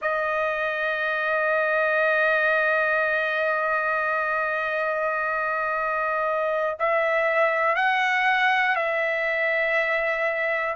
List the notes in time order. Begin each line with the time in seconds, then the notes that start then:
0.01 D#5
6.79 E5
7.75 F#5
8.75 E5